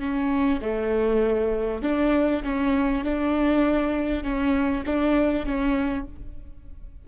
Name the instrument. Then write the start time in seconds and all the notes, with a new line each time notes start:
viola
0.00 C#4
0.62 A3
1.83 D4
2.44 C#4
3.04 D4
4.24 C#4
4.86 D4
5.46 C#4